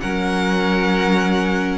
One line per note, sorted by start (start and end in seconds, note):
0.00 1.78 F#3
0.00 1.78 C#4
0.00 1.78 A#4
0.00 1.78 F#5